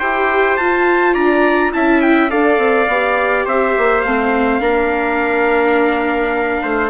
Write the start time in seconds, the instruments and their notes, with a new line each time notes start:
0.00 bassoon E4, viola G4, trumpet C5 G5
0.57 bassoon F4, viola F4, trumpet A5
1.14 bassoon D4, trumpet D5 A#5
1.73 bassoon C#4, viola E4, trumpet E5 A5
2.01 trumpet G5
2.30 bassoon D4, viola A4, trumpet D5 F5
2.59 bassoon C4
2.88 bassoon B3, viola G4
3.46 bassoon C4, trumpet C5 E5
3.78 bassoon A#3
4.02 bassoon A3, viola C4, trumpet F5
4.60 bassoon A#3, viola D4, trumpet A#4
6.62 bassoon A3, trumpet C5